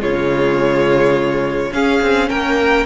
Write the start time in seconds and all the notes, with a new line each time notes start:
0.00 C#3 G#3 F4 C#5
1.72 C#4 G#4 F5
2.02 C4
2.30 A#3 A#4 G5